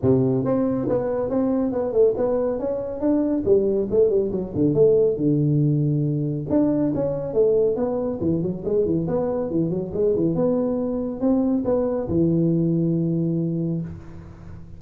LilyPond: \new Staff \with { instrumentName = "tuba" } { \time 4/4 \tempo 4 = 139 c4 c'4 b4 c'4 | b8 a8 b4 cis'4 d'4 | g4 a8 g8 fis8 d8 a4 | d2. d'4 |
cis'4 a4 b4 e8 fis8 | gis8 e8 b4 e8 fis8 gis8 e8 | b2 c'4 b4 | e1 | }